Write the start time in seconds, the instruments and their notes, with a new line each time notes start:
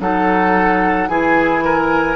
0.00 bassoon F#3, clarinet D#4, oboe A4, flute F#5
1.07 bassoon E3, clarinet E4, oboe G#4, flute G#5
1.65 oboe A#4